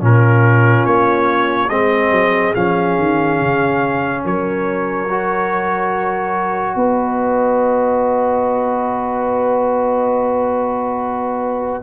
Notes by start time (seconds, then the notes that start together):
0.00 A#2 C#4 F4 A#4
0.86 A#3 C#5
1.69 G#3 C4 G#4 D#5
2.11 F#3
2.55 F3 C#4 F5
2.98 D#3
3.40 C#3
4.24 F#3 A#4 C#5
5.10 F#4
6.76 B3 B4 D#5